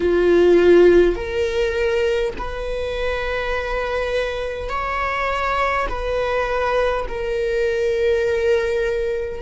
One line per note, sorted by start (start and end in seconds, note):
0.00 1.15 F4
1.15 2.33 A#4
2.37 4.69 B4
4.69 5.87 C#5
5.88 7.06 B4
7.07 9.41 A#4